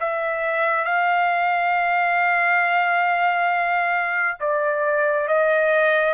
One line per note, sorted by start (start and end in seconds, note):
0.00 0.85 E5
0.85 4.38 F5
4.40 5.28 D5
5.28 6.14 D#5